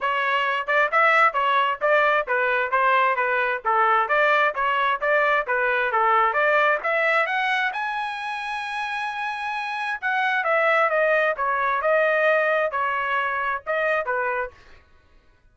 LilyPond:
\new Staff \with { instrumentName = "trumpet" } { \time 4/4 \tempo 4 = 132 cis''4. d''8 e''4 cis''4 | d''4 b'4 c''4 b'4 | a'4 d''4 cis''4 d''4 | b'4 a'4 d''4 e''4 |
fis''4 gis''2.~ | gis''2 fis''4 e''4 | dis''4 cis''4 dis''2 | cis''2 dis''4 b'4 | }